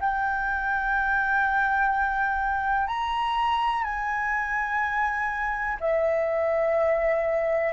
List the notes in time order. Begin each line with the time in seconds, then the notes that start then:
0.00 G5
2.87 A#5
3.84 G#5
5.80 E5